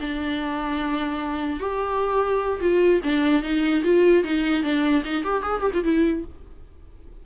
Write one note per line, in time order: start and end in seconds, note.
0.00 1.59 D4
1.59 2.60 G4
2.60 3.01 F4
3.03 3.42 D4
3.42 3.83 D#4
3.83 4.24 F4
4.24 4.63 D#4
4.63 5.03 D4
5.05 5.24 D#4
5.24 5.42 G4
5.42 5.61 G#4
5.61 5.71 G4
5.74 5.84 F4
5.84 6.24 E4